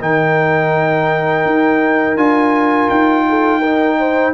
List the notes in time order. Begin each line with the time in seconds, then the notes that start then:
0.00 D#3 D#4 A#4 G5
1.45 D#4
2.16 D4 F4 G#5
2.89 D#4 G5
3.28 A4
3.59 D#4 A#4
3.99 C5